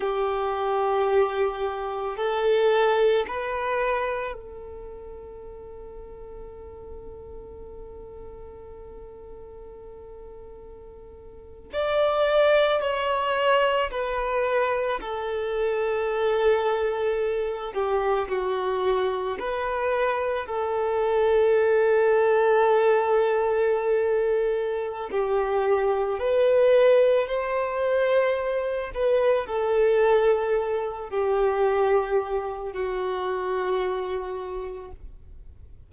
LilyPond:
\new Staff \with { instrumentName = "violin" } { \time 4/4 \tempo 4 = 55 g'2 a'4 b'4 | a'1~ | a'2~ a'8. d''4 cis''16~ | cis''8. b'4 a'2~ a'16~ |
a'16 g'8 fis'4 b'4 a'4~ a'16~ | a'2. g'4 | b'4 c''4. b'8 a'4~ | a'8 g'4. fis'2 | }